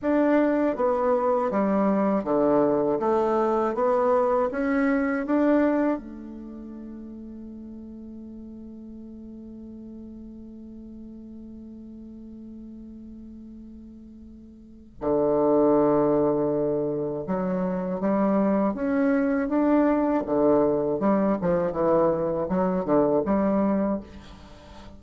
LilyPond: \new Staff \with { instrumentName = "bassoon" } { \time 4/4 \tempo 4 = 80 d'4 b4 g4 d4 | a4 b4 cis'4 d'4 | a1~ | a1~ |
a1 | d2. fis4 | g4 cis'4 d'4 d4 | g8 f8 e4 fis8 d8 g4 | }